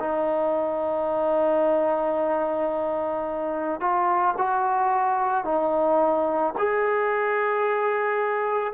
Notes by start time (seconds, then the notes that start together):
0.00 D#4
3.81 F4
4.38 F#4
5.45 D#4
6.58 G#4